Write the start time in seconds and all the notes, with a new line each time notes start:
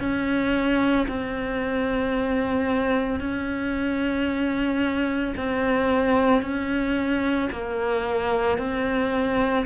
0.00 C#4
1.09 C4
3.20 C#4
5.37 C4
6.43 C#4
7.52 A#3
8.59 C4